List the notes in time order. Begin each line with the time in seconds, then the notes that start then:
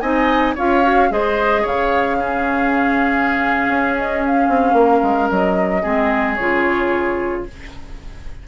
0.00 C4 D#4 D#5 G#5
0.55 C#4 F4 C#5 F5
0.83 F#4
1.10 G#3 G#4 C5 D#5
1.62 C#3 C#5 F5
2.19 C#4 G#4
3.68 C#4
3.98 D#5
4.25 F5
4.48 C4
4.73 A#3 A#4
5.02 G#3
5.30 F#3 D#5
5.82 G#3 C4 G#4
6.35 C#3 F4 C#5